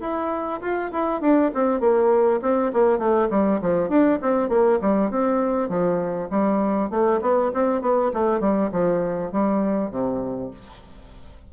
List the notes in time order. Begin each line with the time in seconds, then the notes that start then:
0.00 E4
0.61 F4
0.92 E4
1.21 D4
1.54 C4
1.80 A#3
2.42 C4
2.73 A#3
2.98 A3
3.30 G3
3.61 F3
3.89 D4
4.22 C4
4.49 A#3
4.81 G3
5.10 C4
5.69 F3
6.30 G3
6.90 A3
7.21 B3
7.54 C4
7.81 B3
8.14 A3
8.40 G3
8.72 F3
9.32 G3
9.91 C3